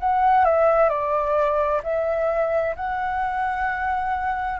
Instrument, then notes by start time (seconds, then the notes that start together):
flute
0.00 F#5
0.45 E5
0.90 D5
1.84 E5
2.76 F#5